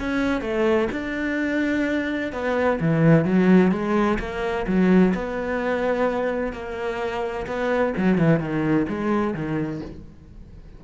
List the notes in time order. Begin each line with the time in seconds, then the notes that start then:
0.00 C#4
0.42 A3
0.92 D4
2.33 B3
2.81 E3
3.26 F#3
3.72 G#3
4.20 A#3
4.67 F#3
5.15 B3
6.53 A#3
7.47 B3
7.98 F#3
8.19 E3
8.40 D#3
8.89 G#3
9.35 D#3